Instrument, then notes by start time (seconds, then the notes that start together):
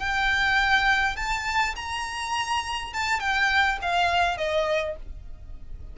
violin
0.00 G5
1.16 A5
1.76 A#5
2.94 A5
3.20 G5
3.82 F5
4.38 D#5